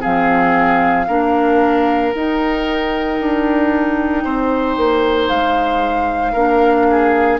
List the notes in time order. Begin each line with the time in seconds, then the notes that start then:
0.00 F3 C4 G#4 F5
1.07 A#3 D4 A#4
2.12 D#4 G5
3.20 D4
4.24 C4 C5
4.77 A#3
5.28 G#3 F5
6.32 A#3 D4 A#4
6.90 G#4